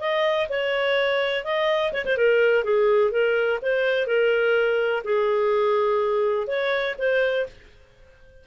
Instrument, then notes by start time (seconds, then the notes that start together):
clarinet
0.00 D#5
0.49 C#5
1.45 D#5
1.93 C#5
2.05 C5
2.18 A#4
2.64 G#4
3.11 A#4
3.62 C5
4.07 A#4
5.04 G#4
6.47 C#5
6.98 C5